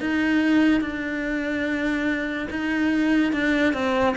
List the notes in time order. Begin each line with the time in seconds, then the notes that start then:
0.00 D#4
0.81 D4
2.50 D#4
3.32 D4
3.73 C4